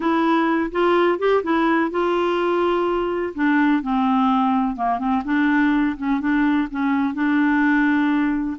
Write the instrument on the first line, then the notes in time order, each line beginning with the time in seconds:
clarinet
0.00 E4
0.71 F4
1.19 G4
1.43 E4
1.90 F4
3.34 D4
3.82 C4
4.76 A#3
4.98 C4
5.24 D4
5.97 C#4
6.20 D4
6.71 C#4
7.14 D4